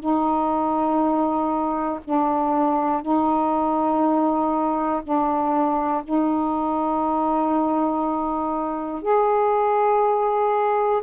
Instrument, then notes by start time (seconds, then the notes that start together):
saxophone
0.00 D#4
2.05 D4
3.02 D#4
5.03 D4
6.05 D#4
9.03 G#4